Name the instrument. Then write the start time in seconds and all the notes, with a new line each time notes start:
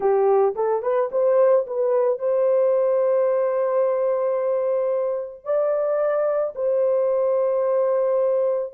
horn
0.00 G4
0.55 A4
0.82 B4
1.11 C5
1.67 B4
2.18 C5
5.44 D5
6.55 C5